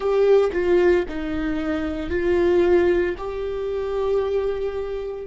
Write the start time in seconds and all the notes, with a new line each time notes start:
0.00 G4
0.52 F4
1.08 D#4
2.10 F4
3.17 G4